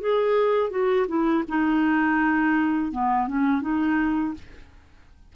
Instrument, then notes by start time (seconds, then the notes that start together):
clarinet
0.00 G#4
0.70 F#4
1.08 E4
1.49 D#4
2.92 B3
3.27 C#4
3.61 D#4